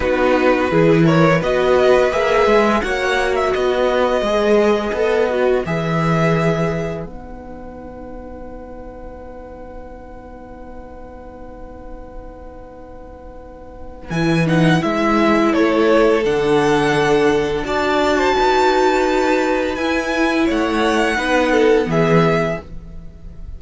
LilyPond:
<<
  \new Staff \with { instrumentName = "violin" } { \time 4/4 \tempo 4 = 85 b'4. cis''8 dis''4 e''4 | fis''8. e''16 dis''2. | e''2 fis''2~ | fis''1~ |
fis''1 | gis''8 fis''8 e''4 cis''4 fis''4~ | fis''4 a''2. | gis''4 fis''2 e''4 | }
  \new Staff \with { instrumentName = "violin" } { \time 4/4 fis'4 gis'8 ais'8 b'2 | cis''4 b'2.~ | b'1~ | b'1~ |
b'1~ | b'2 a'2~ | a'4 d''8. c''16 b'2~ | b'4 cis''4 b'8 a'8 gis'4 | }
  \new Staff \with { instrumentName = "viola" } { \time 4/4 dis'4 e'4 fis'4 gis'4 | fis'2 gis'4 a'8 fis'8 | gis'2 dis'2~ | dis'1~ |
dis'1 | e'8 dis'8 e'2 d'4~ | d'4 fis'2. | e'2 dis'4 b4 | }
  \new Staff \with { instrumentName = "cello" } { \time 4/4 b4 e4 b4 ais8 gis8 | ais4 b4 gis4 b4 | e2 b2~ | b1~ |
b1 | e4 gis4 a4 d4~ | d4 d'4 dis'2 | e'4 a4 b4 e4 | }
>>